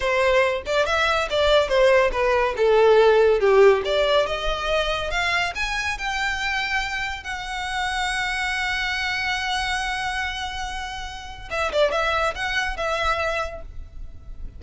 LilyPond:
\new Staff \with { instrumentName = "violin" } { \time 4/4 \tempo 4 = 141 c''4. d''8 e''4 d''4 | c''4 b'4 a'2 | g'4 d''4 dis''2 | f''4 gis''4 g''2~ |
g''4 fis''2.~ | fis''1~ | fis''2. e''8 d''8 | e''4 fis''4 e''2 | }